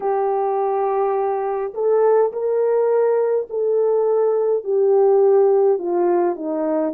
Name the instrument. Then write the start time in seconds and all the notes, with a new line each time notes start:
horn
0.00 G4
1.74 A4
2.32 A#4
3.49 A4
4.64 G4
5.78 F4
6.35 D#4